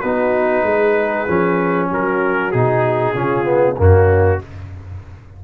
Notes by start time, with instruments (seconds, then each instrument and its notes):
0.00 tuba B3, trombone D#4, horn F#4, trumpet B4
0.62 tuba G#3, horn G#4
1.27 tuba F3, trombone C#4
1.88 tuba F#3, horn F#4, trumpet A#4
2.51 tuba B2, trombone D#4, trumpet G#4
3.13 tuba C#3, trombone C#4, horn F4
3.44 trombone B3
3.76 tuba F#2, trombone A#3, horn C#4, trumpet F#4